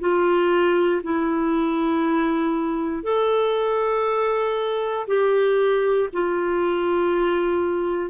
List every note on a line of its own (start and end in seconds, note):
0.00 1.02 F4
1.04 3.04 E4
3.04 5.07 A4
5.08 6.09 G4
6.13 8.10 F4